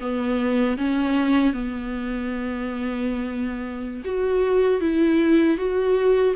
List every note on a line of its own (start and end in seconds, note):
0.00 0.77 B3
0.78 1.53 C#4
1.53 4.03 B3
4.05 4.80 F#4
4.80 5.57 E4
5.57 6.34 F#4